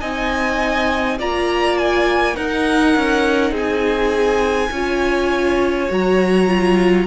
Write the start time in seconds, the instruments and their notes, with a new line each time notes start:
0.00 cello C4, viola D#4, violin D#5 G#5
1.18 cello A#3, viola F4, violin D5 A#5
1.77 violin G#5
2.34 viola D#4, cello D#4, violin A#4 F#5
2.96 cello C#4
3.51 cello C4, violin G#4 G#5
4.71 cello C#4, viola F4, violin C#5
5.88 cello F#3, viola F#4, violin A#5
6.47 viola F4